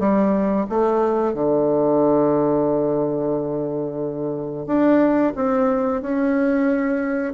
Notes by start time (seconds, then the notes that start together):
0.00 G3
0.70 A3
1.34 D3
4.67 D4
5.36 C4
6.02 C#4